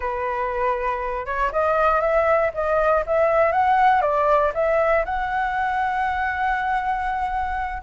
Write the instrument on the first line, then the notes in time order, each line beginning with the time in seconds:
flute
0.00 B4
1.26 C#5
1.51 D#5
2.00 E5
2.53 D#5
3.06 E5
3.52 F#5
4.01 D5
4.54 E5
5.05 F#5